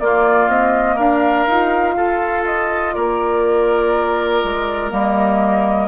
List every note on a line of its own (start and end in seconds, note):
0.00 0.48 A#3
0.00 1.48 A#3
0.00 0.96 F4
0.00 0.49 D5
0.48 0.97 C4
0.48 0.99 D#5
0.96 1.48 D4
0.96 1.94 A#4
0.96 2.46 F5
1.48 1.97 D#4
1.48 4.90 F4
1.97 2.95 F4
1.97 2.95 A4
2.46 2.94 D#5
2.94 4.43 A#3
2.94 5.88 A#4
2.94 4.91 D5
4.44 4.92 G#3
4.90 5.88 G3
4.90 5.88 A#3
4.90 5.88 D#5